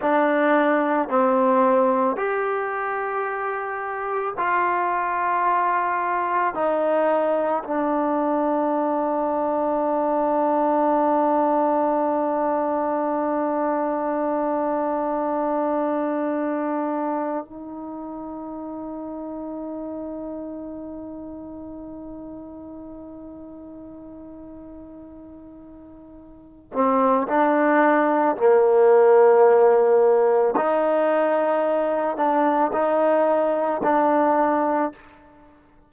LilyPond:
\new Staff \with { instrumentName = "trombone" } { \time 4/4 \tempo 4 = 55 d'4 c'4 g'2 | f'2 dis'4 d'4~ | d'1~ | d'1 |
dis'1~ | dis'1~ | dis'8 c'8 d'4 ais2 | dis'4. d'8 dis'4 d'4 | }